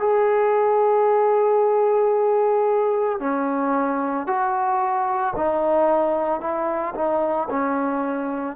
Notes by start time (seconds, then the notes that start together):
0.00 G#4
3.20 C#4
4.27 F#4
5.36 D#4
6.41 E4
6.95 D#4
7.50 C#4